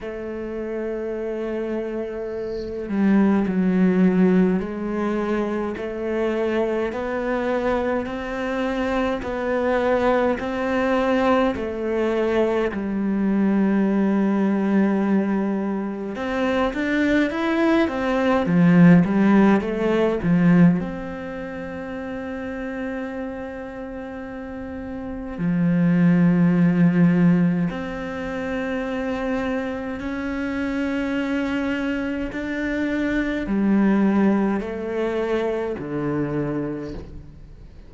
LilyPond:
\new Staff \with { instrumentName = "cello" } { \time 4/4 \tempo 4 = 52 a2~ a8 g8 fis4 | gis4 a4 b4 c'4 | b4 c'4 a4 g4~ | g2 c'8 d'8 e'8 c'8 |
f8 g8 a8 f8 c'2~ | c'2 f2 | c'2 cis'2 | d'4 g4 a4 d4 | }